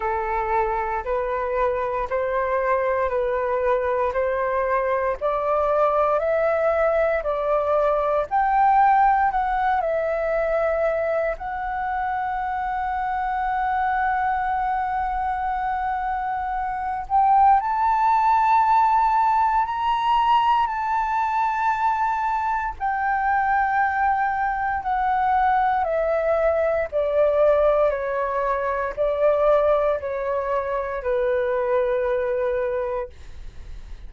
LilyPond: \new Staff \with { instrumentName = "flute" } { \time 4/4 \tempo 4 = 58 a'4 b'4 c''4 b'4 | c''4 d''4 e''4 d''4 | g''4 fis''8 e''4. fis''4~ | fis''1~ |
fis''8 g''8 a''2 ais''4 | a''2 g''2 | fis''4 e''4 d''4 cis''4 | d''4 cis''4 b'2 | }